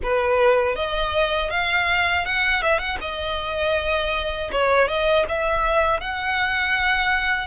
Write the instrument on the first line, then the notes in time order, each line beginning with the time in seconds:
violin
0.02 B4
0.75 D#5
1.50 F5
2.25 F#5
2.62 E5
2.79 F#5
3.00 D#5
4.51 C#5
4.88 D#5
5.28 E5
6.00 F#5